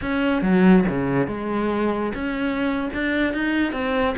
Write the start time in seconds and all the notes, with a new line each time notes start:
0.01 C#4
0.41 F#3
0.88 C#3
1.27 G#3
2.14 C#4
2.93 D4
3.33 D#4
3.72 C4